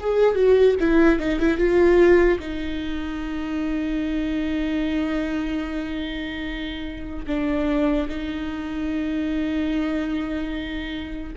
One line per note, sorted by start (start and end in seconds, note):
0.00 0.35 G#4
0.35 0.76 F#4
0.80 1.19 E4
1.19 1.40 D#4
1.40 1.58 E4
1.58 2.39 F4
2.40 7.26 D#4
7.27 8.08 D4
8.09 11.33 D#4